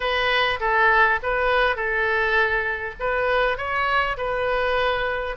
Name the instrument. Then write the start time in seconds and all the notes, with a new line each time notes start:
oboe
0.00 B4
0.60 A4
1.22 B4
1.76 A4
2.99 B4
3.57 C#5
4.17 B4